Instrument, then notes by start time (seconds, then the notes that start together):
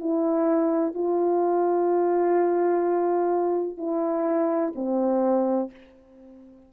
horn
0.00 E4
0.94 F4
3.77 E4
4.75 C4